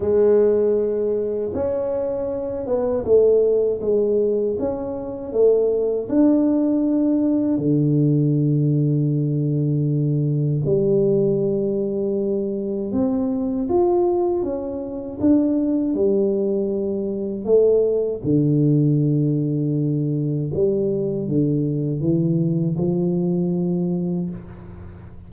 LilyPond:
\new Staff \with { instrumentName = "tuba" } { \time 4/4 \tempo 4 = 79 gis2 cis'4. b8 | a4 gis4 cis'4 a4 | d'2 d2~ | d2 g2~ |
g4 c'4 f'4 cis'4 | d'4 g2 a4 | d2. g4 | d4 e4 f2 | }